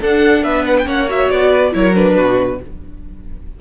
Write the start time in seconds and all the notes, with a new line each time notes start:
0.00 D4 A4 F#5
0.43 B3 B4 E5
0.65 F#5
0.78 G5
0.85 A#3 C#4 C#5 F#5
1.09 F#4 E5
1.30 B3 D5
1.51 B4
1.72 F#3 E4 A#4 C#5
1.94 D4 B4
2.16 B2 F#4